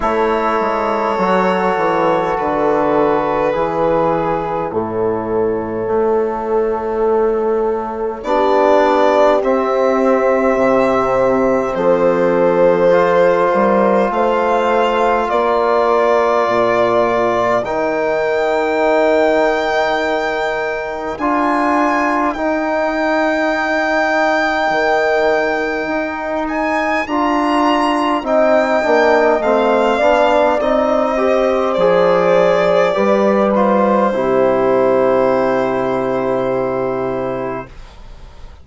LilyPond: <<
  \new Staff \with { instrumentName = "violin" } { \time 4/4 \tempo 4 = 51 cis''2 b'2 | cis''2. d''4 | e''2 c''2 | f''4 d''2 g''4~ |
g''2 gis''4 g''4~ | g''2~ g''8 gis''8 ais''4 | g''4 f''4 dis''4 d''4~ | d''8 c''2.~ c''8 | }
  \new Staff \with { instrumentName = "horn" } { \time 4/4 a'2. gis'4 | a'2. g'4~ | g'2 a'4. ais'8 | c''4 ais'2.~ |
ais'1~ | ais'1 | dis''4. d''4 c''4. | b'4 g'2. | }
  \new Staff \with { instrumentName = "trombone" } { \time 4/4 e'4 fis'2 e'4~ | e'2. d'4 | c'2. f'4~ | f'2. dis'4~ |
dis'2 f'4 dis'4~ | dis'2. f'4 | dis'8 d'8 c'8 d'8 dis'8 g'8 gis'4 | g'8 f'8 e'2. | }
  \new Staff \with { instrumentName = "bassoon" } { \time 4/4 a8 gis8 fis8 e8 d4 e4 | a,4 a2 b4 | c'4 c4 f4. g8 | a4 ais4 ais,4 dis4~ |
dis2 d'4 dis'4~ | dis'4 dis4 dis'4 d'4 | c'8 ais8 a8 b8 c'4 f4 | g4 c2. | }
>>